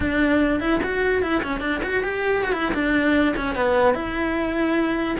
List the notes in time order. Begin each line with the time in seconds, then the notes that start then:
0.00 D4
0.60 E4
0.83 F#4
1.22 E4
1.43 C#4
1.60 D4
1.83 F#4
2.03 G4
2.44 F#4
2.52 E4
2.74 D4
3.36 C#4
3.55 B3
3.94 E4